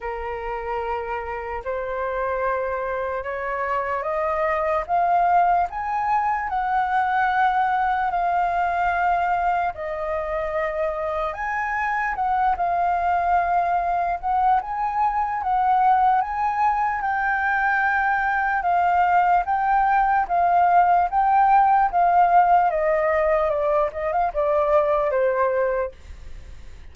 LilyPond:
\new Staff \with { instrumentName = "flute" } { \time 4/4 \tempo 4 = 74 ais'2 c''2 | cis''4 dis''4 f''4 gis''4 | fis''2 f''2 | dis''2 gis''4 fis''8 f''8~ |
f''4. fis''8 gis''4 fis''4 | gis''4 g''2 f''4 | g''4 f''4 g''4 f''4 | dis''4 d''8 dis''16 f''16 d''4 c''4 | }